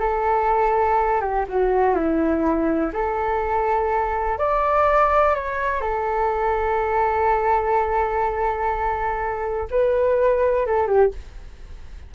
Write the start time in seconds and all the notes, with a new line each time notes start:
0.00 A4
1.21 G4
1.49 F#4
1.95 E4
2.93 A4
4.39 D5
5.35 C#5
5.81 A4
9.71 B4
10.66 A4
10.87 G4